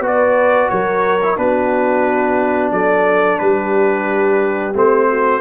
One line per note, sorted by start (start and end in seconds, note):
0.00 0.67 B3
0.00 1.20 F#4
0.00 0.71 B4
0.06 0.69 D5
0.69 1.37 F#3
0.69 1.39 A#4
0.69 1.37 C#5
1.23 1.36 E4
1.36 2.71 B3
1.36 4.73 D4
1.36 2.72 F#4
1.36 2.72 B4
2.71 3.39 F#3
2.71 3.39 A4
2.71 3.38 D5
3.38 4.74 G3
3.38 5.09 G4
3.38 4.73 B4
4.74 5.41 A3
4.74 5.41 C4
4.74 5.41 C5
5.09 5.41 F#4